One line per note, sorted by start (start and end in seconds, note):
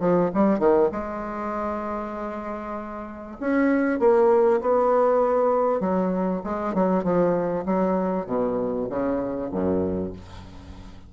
0.00 0.31 F3
0.34 0.59 G3
0.59 0.90 D#3
0.92 3.37 G#3
3.40 3.99 C#4
3.99 4.61 A#3
4.61 5.81 B3
5.81 6.42 F#3
6.44 6.75 G#3
6.75 7.04 F#3
7.04 7.65 F3
7.66 8.26 F#3
8.26 8.87 B2
8.89 9.51 C#3
9.52 10.13 F#2